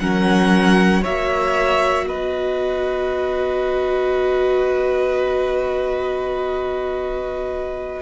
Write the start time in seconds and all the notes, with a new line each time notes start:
0.00 F#3 C#4 A#4 F#5
1.02 A#3 F#4 C#5 E5
2.08 B3 B4 D#5